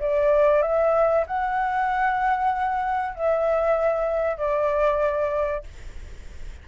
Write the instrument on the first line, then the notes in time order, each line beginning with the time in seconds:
flute
0.00 D5
0.62 E5
1.27 F#5
3.15 E5
4.37 D5